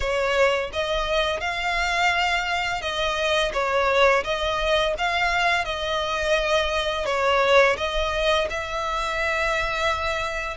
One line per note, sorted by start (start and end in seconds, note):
0.00 0.71 C#5
0.72 1.40 D#5
1.40 2.81 F5
2.81 3.52 D#5
3.53 4.24 C#5
4.24 4.94 D#5
4.98 5.65 F5
5.65 7.05 D#5
7.05 7.76 C#5
7.77 8.47 D#5
8.49 10.57 E5